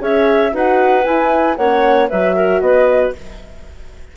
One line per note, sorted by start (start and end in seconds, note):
0.00 0.53 C#4
0.00 0.52 G#4
0.00 0.53 C#5
0.00 0.55 E5
0.53 1.06 D#4
0.53 1.05 F#4
0.53 1.58 B4
0.53 1.04 F#5
1.04 1.58 E4
1.04 1.57 G#5
1.57 2.10 A#3
1.57 2.13 C#4
1.57 2.10 C#5
1.57 2.09 F#5
2.10 2.61 F#3
2.10 3.17 F#4
2.10 2.36 B4
2.10 2.61 E5
2.36 2.62 A#4
2.61 3.14 B3
2.61 3.16 B4
2.61 3.13 D#5